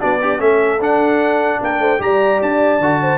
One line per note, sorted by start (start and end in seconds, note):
0.00 0.40 B3
0.00 0.20 D4
0.00 0.20 F#4
0.00 0.41 D5
0.22 0.41 D4
0.22 0.39 G4
0.39 0.79 A3
0.39 0.79 C#4
0.39 1.61 A4
0.39 0.81 E5
0.79 1.59 D4
0.79 1.99 D4
0.79 1.63 F#5
1.61 1.80 A#3
1.61 1.81 A#4
1.61 2.02 G5
1.80 2.00 A3
1.80 2.01 C5
1.99 2.40 G3
1.99 2.79 G4
1.99 3.01 D5
1.99 2.42 A#5
2.42 2.80 D4
2.42 3.18 A5
2.80 3.18 D3
2.80 3.18 F#4
3.01 3.18 C5